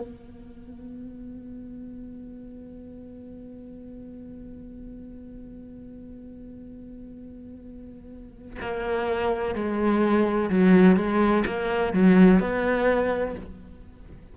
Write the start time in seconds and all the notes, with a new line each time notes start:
0.00 B3
8.61 A#3
9.55 G#3
10.50 F#3
10.96 G#3
11.46 A#3
11.93 F#3
12.40 B3